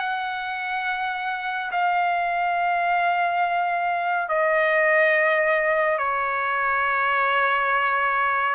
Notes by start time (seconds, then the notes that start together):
0.00 F#5
1.72 F5
4.29 D#5
5.98 C#5